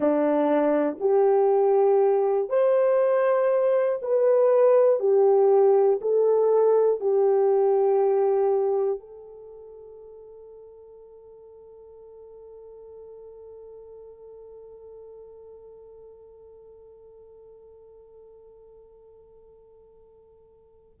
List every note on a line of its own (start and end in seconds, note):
0.00 0.98 D4
1.00 2.49 G4
2.49 3.99 C5
4.01 4.99 B4
4.99 5.99 G4
6.00 7.00 A4
7.00 9.00 G4
9.00 21.00 A4